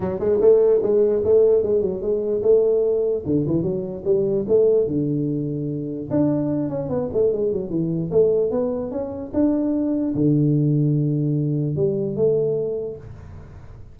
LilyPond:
\new Staff \with { instrumentName = "tuba" } { \time 4/4 \tempo 4 = 148 fis8 gis8 a4 gis4 a4 | gis8 fis8 gis4 a2 | d8 e8 fis4 g4 a4 | d2. d'4~ |
d'8 cis'8 b8 a8 gis8 fis8 e4 | a4 b4 cis'4 d'4~ | d'4 d2.~ | d4 g4 a2 | }